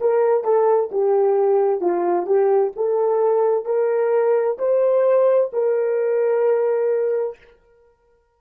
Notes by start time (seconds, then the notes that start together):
0.00 A#4
0.44 A4
0.91 G4
1.80 F4
2.26 G4
2.76 A4
3.65 A#4
4.58 C5
5.53 A#4